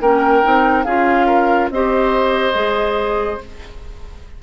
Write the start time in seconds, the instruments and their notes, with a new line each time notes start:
0.00 bassoon A#3, clarinet C#4, oboe A#4, flute G5
0.42 bassoon C4, clarinet D#4
0.84 bassoon C#4, clarinet F4, oboe G#4, flute F5
1.26 oboe A#4
1.70 bassoon C4, clarinet G4, oboe C5, flute D#5
2.53 bassoon G#3, clarinet G#4